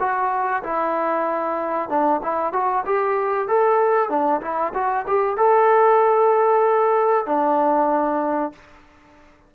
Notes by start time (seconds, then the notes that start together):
0.00 F#4
0.63 E4
1.90 D4
2.23 E4
2.53 F#4
2.86 G4
3.49 A4
4.10 D4
4.42 E4
4.74 F#4
5.07 G4
5.38 A4
7.26 D4